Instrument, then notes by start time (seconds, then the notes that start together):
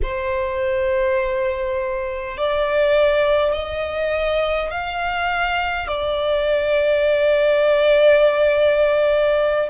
violin
0.02 C5
2.37 D5
3.53 D#5
4.71 F5
5.87 D5